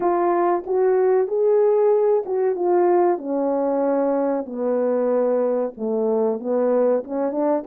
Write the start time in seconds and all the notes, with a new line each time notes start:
0.00 F4
0.66 F#4
1.27 G#4
2.25 F#4
2.55 F4
3.17 C#4
4.45 B3
5.77 A3
6.39 B3
7.04 C#4
7.31 D4